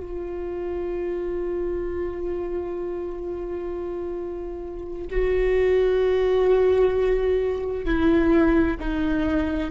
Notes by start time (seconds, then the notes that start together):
0.00 F4
5.10 F#4
7.85 E4
8.79 D#4